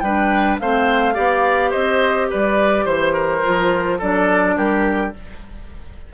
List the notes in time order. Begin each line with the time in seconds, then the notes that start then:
0.00 G3 D4 B4 G5
0.59 A3 C4 C5 F5
1.14 B3 G4 D5
1.70 C4 C5 D#5
2.30 G3 B4 D5
2.85 E3 C5
3.13 A#4
3.43 F3 F4
3.98 F#3 D4 A4 D5
4.57 G3 G4 A#4